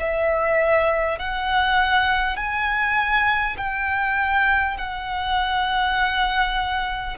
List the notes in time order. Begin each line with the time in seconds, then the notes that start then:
0.00 E5
1.19 F#5
2.37 G#5
3.58 G5
4.77 F#5